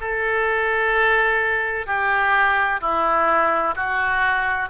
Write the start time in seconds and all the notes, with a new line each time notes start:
0.00 A4
1.86 G4
2.81 E4
3.75 F#4